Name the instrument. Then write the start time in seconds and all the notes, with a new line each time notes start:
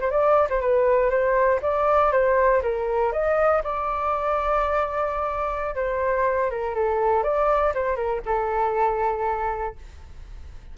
flute
0.00 C5
0.10 D5
0.49 C5
0.61 B4
1.10 C5
1.62 D5
2.12 C5
2.62 A#4
3.12 D#5
3.63 D5
5.75 C5
6.50 A#4
6.74 A4
7.23 D5
7.74 C5
7.96 A#4
8.25 A4